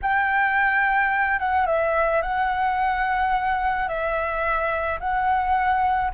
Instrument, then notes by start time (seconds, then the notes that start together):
flute
0.02 G5
1.39 F#5
1.66 E5
2.21 F#5
3.88 E5
5.00 F#5